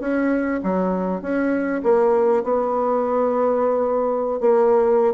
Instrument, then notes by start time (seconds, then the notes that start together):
bassoon
0.00 C#4
0.63 F#3
1.21 C#4
1.83 A#3
2.44 B3
4.40 A#3